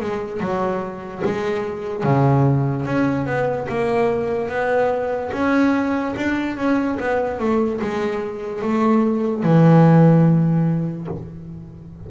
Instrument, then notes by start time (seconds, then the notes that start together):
double bass
0.00 G#3
0.40 F#3
1.24 G#3
2.03 C#3
2.85 C#4
3.25 B3
3.68 A#3
4.48 B3
5.32 C#4
6.16 D4
6.56 C#4
6.99 B3
7.39 A3
7.81 G#3
8.62 A3
9.43 E3